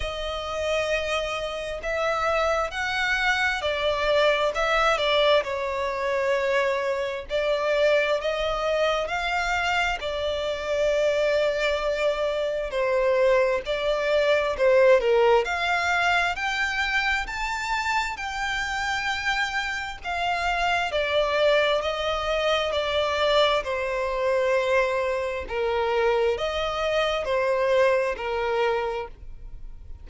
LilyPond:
\new Staff \with { instrumentName = "violin" } { \time 4/4 \tempo 4 = 66 dis''2 e''4 fis''4 | d''4 e''8 d''8 cis''2 | d''4 dis''4 f''4 d''4~ | d''2 c''4 d''4 |
c''8 ais'8 f''4 g''4 a''4 | g''2 f''4 d''4 | dis''4 d''4 c''2 | ais'4 dis''4 c''4 ais'4 | }